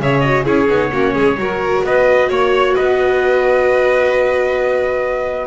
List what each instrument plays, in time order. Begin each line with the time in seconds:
0.00 double bass C#3, viola G#4, violin C#5, trumpet E5
0.21 viola F#4, trumpet D#5
0.45 double bass C#4, viola E4, violin G#4, trumpet C#5
0.69 double bass B3, viola D#4
0.92 double bass A#3, viola C#4, violin F#4
1.14 double bass G#3, violin G#4
1.37 double bass F#3, viola F#4, violin A#4
1.84 double bass B3, violin B4, trumpet D#5
2.29 double bass A#3, violin C#5, trumpet C#5
2.75 double bass B3, violin B4, trumpet D#5